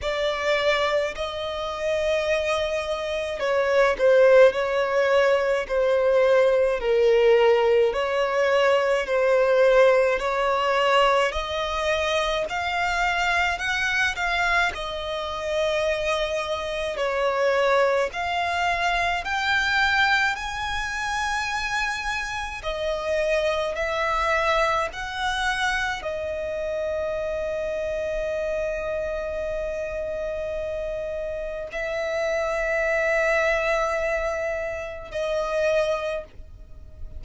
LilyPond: \new Staff \with { instrumentName = "violin" } { \time 4/4 \tempo 4 = 53 d''4 dis''2 cis''8 c''8 | cis''4 c''4 ais'4 cis''4 | c''4 cis''4 dis''4 f''4 | fis''8 f''8 dis''2 cis''4 |
f''4 g''4 gis''2 | dis''4 e''4 fis''4 dis''4~ | dis''1 | e''2. dis''4 | }